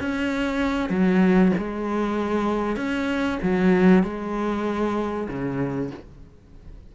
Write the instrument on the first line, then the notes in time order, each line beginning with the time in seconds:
cello
0.00 C#4
0.90 F#3
1.58 G#3
2.77 C#4
3.43 F#3
4.04 G#3
5.29 C#3